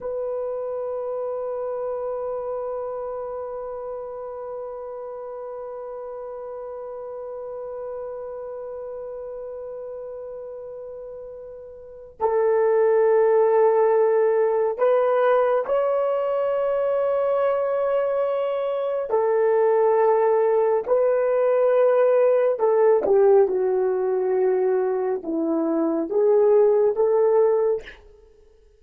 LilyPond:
\new Staff \with { instrumentName = "horn" } { \time 4/4 \tempo 4 = 69 b'1~ | b'1~ | b'1~ | b'2 a'2~ |
a'4 b'4 cis''2~ | cis''2 a'2 | b'2 a'8 g'8 fis'4~ | fis'4 e'4 gis'4 a'4 | }